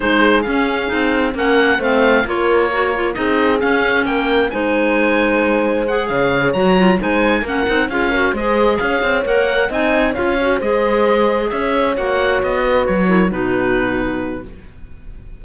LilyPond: <<
  \new Staff \with { instrumentName = "oboe" } { \time 4/4 \tempo 4 = 133 c''4 f''2 fis''4 | f''4 cis''2 dis''4 | f''4 g''4 gis''2~ | gis''4 fis''8 f''4 ais''4 gis''8~ |
gis''8 fis''4 f''4 dis''4 f''8~ | f''8 fis''4 gis''4 f''4 dis''8~ | dis''4. e''4 fis''4 dis''8~ | dis''8 cis''4 b'2~ b'8 | }
  \new Staff \with { instrumentName = "horn" } { \time 4/4 gis'2. ais'4 | c''4 ais'2 gis'4~ | gis'4 ais'4 c''2~ | c''4. cis''2 c''8~ |
c''8 ais'4 gis'8 ais'8 c''4 cis''8~ | cis''4. dis''4 cis''4 c''8~ | c''4. cis''2~ cis''8 | b'4 ais'8 fis'2~ fis'8 | }
  \new Staff \with { instrumentName = "clarinet" } { \time 4/4 dis'4 cis'4 dis'4 cis'4 | c'4 f'4 fis'8 f'8 dis'4 | cis'2 dis'2~ | dis'4 gis'4. fis'8 f'8 dis'8~ |
dis'8 cis'8 dis'8 f'8 fis'8 gis'4.~ | gis'8 ais'4 dis'4 f'8 fis'8 gis'8~ | gis'2~ gis'8 fis'4.~ | fis'4 e'8 dis'2~ dis'8 | }
  \new Staff \with { instrumentName = "cello" } { \time 4/4 gis4 cis'4 c'4 ais4 | a4 ais2 c'4 | cis'4 ais4 gis2~ | gis4. cis4 fis4 gis8~ |
gis8 ais8 c'8 cis'4 gis4 cis'8 | c'8 ais4 c'4 cis'4 gis8~ | gis4. cis'4 ais4 b8~ | b8 fis4 b,2~ b,8 | }
>>